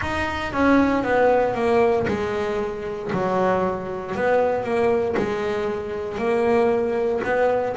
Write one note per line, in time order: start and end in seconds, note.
0.01 0.53 D#4
0.53 1.03 C#4
1.03 1.54 B3
1.54 2.06 A#3
2.07 3.11 G#3
3.12 4.15 F#3
4.15 4.63 B3
4.63 5.15 A#3
5.16 6.17 G#3
6.17 7.21 A#3
7.24 7.75 B3